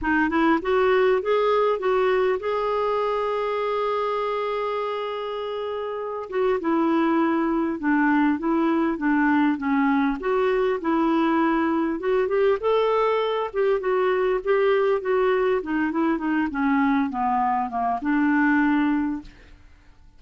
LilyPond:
\new Staff \with { instrumentName = "clarinet" } { \time 4/4 \tempo 4 = 100 dis'8 e'8 fis'4 gis'4 fis'4 | gis'1~ | gis'2~ gis'8 fis'8 e'4~ | e'4 d'4 e'4 d'4 |
cis'4 fis'4 e'2 | fis'8 g'8 a'4. g'8 fis'4 | g'4 fis'4 dis'8 e'8 dis'8 cis'8~ | cis'8 b4 ais8 d'2 | }